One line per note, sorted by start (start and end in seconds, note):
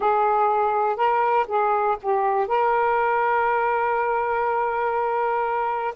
0.00 0.96 G#4
0.96 1.46 A#4
1.47 1.97 G#4
2.02 2.47 G4
2.47 5.94 A#4